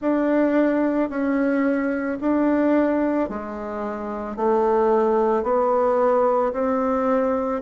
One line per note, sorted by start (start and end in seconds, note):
0.00 1.09 D4
1.09 2.18 C#4
2.21 3.29 D4
3.29 4.36 G#3
4.36 5.43 A3
5.43 6.52 B3
6.52 7.61 C4